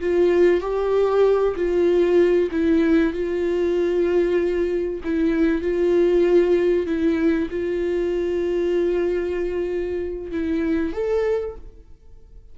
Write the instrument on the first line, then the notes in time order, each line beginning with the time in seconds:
viola
0.00 F4
0.61 G4
1.56 F4
2.51 E4
3.13 F4
5.04 E4
5.61 F4
6.86 E4
7.50 F4
10.31 E4
10.92 A4